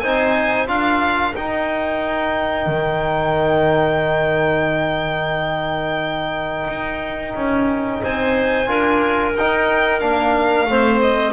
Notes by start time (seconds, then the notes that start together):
0.00 C4 D#4 C5 G#5
0.67 D4 F4 A#4 F5
1.35 D#4 G5
2.66 D#3
6.68 D#4
7.35 C#4
8.03 C4 C5 G#5
8.67 D4 F4 A#4
9.35 D#4 G5
10.00 A#3 D4 F5
10.66 A3 C4 C5
11.01 D#5